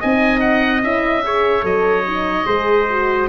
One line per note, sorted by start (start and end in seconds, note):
0.00 0.83 C4
0.00 0.82 D#4
0.00 1.23 D#5
0.00 0.40 G#5
0.40 0.81 F#5
0.82 1.64 C#4
0.82 1.23 E4
0.82 1.65 E5
1.24 1.62 G#4
1.24 2.46 C#5
1.62 2.46 F#3
1.62 2.03 A4
1.62 3.29 D#5
2.07 2.45 D#4
2.45 3.29 G#3
2.45 2.86 G#4
2.45 3.28 C5
2.90 3.29 F#4